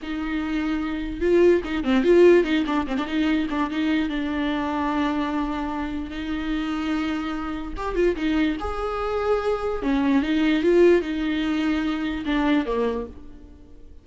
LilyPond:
\new Staff \with { instrumentName = "viola" } { \time 4/4 \tempo 4 = 147 dis'2. f'4 | dis'8 c'8 f'4 dis'8 d'8 c'16 d'16 dis'8~ | dis'8 d'8 dis'4 d'2~ | d'2. dis'4~ |
dis'2. g'8 f'8 | dis'4 gis'2. | cis'4 dis'4 f'4 dis'4~ | dis'2 d'4 ais4 | }